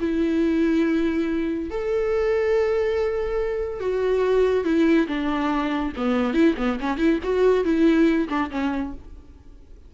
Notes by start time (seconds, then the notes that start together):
0.00 E4
1.70 A4
3.80 F#4
4.64 E4
5.07 D4
5.96 B3
6.33 E4
6.57 B3
6.80 C#4
6.97 E4
7.23 F#4
7.64 E4
8.29 D4
8.51 C#4